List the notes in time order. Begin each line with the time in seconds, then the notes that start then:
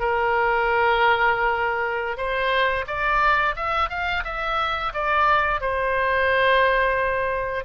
0.00 A#4
2.17 C5
2.88 D5
3.56 E5
3.90 F5
4.25 E5
4.94 D5
5.61 C5